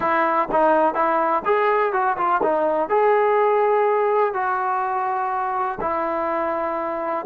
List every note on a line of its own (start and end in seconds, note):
0.00 0.48 E4
0.51 0.94 D#4
0.94 1.42 E4
1.45 1.92 G#4
1.92 2.16 F#4
2.17 2.41 F4
2.42 2.89 D#4
2.89 4.33 G#4
4.33 5.78 F#4
5.80 7.25 E4